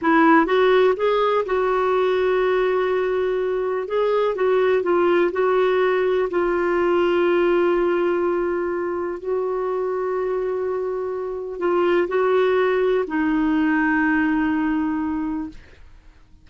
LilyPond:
\new Staff \with { instrumentName = "clarinet" } { \time 4/4 \tempo 4 = 124 e'4 fis'4 gis'4 fis'4~ | fis'1 | gis'4 fis'4 f'4 fis'4~ | fis'4 f'2.~ |
f'2. fis'4~ | fis'1 | f'4 fis'2 dis'4~ | dis'1 | }